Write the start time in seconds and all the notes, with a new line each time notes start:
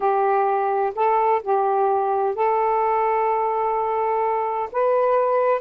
0.00 G4
0.95 A4
1.43 G4
2.35 A4
4.72 B4